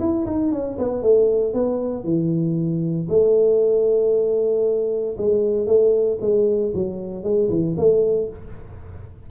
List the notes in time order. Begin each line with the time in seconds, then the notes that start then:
0.00 E4
0.27 D#4
0.52 C#4
0.79 B3
1.03 A3
1.54 B3
2.05 E3
3.10 A3
5.18 G#3
5.67 A3
6.21 G#3
6.75 F#3
7.24 G#3
7.50 E3
7.78 A3